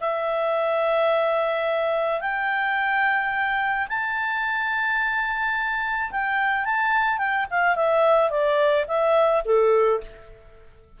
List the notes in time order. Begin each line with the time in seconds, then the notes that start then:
0.00 E5
2.20 G5
3.88 A5
6.11 G5
6.64 A5
7.18 G5
7.50 F5
7.75 E5
8.30 D5
8.87 E5
9.44 A4